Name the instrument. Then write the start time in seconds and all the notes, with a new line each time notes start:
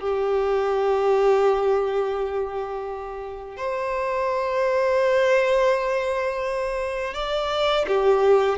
violin
0.00 G4
3.57 C5
7.14 D5
7.87 G4